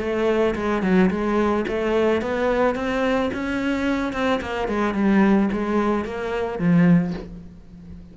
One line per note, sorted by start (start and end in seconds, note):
0.00 0.55 A3
0.56 0.83 G#3
0.83 1.10 F#3
1.11 1.66 G#3
1.68 2.22 A3
2.22 2.75 B3
2.75 3.31 C4
3.34 4.13 C#4
4.13 4.41 C4
4.41 4.68 A#3
4.68 4.94 G#3
4.94 5.49 G3
5.53 6.05 G#3
6.05 6.59 A#3
6.59 7.14 F3